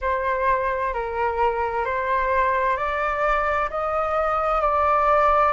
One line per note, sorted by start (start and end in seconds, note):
0.01 0.93 C5
0.93 1.85 A#4
1.85 2.77 C5
2.77 3.69 D5
3.69 4.61 D#5
4.61 5.53 D5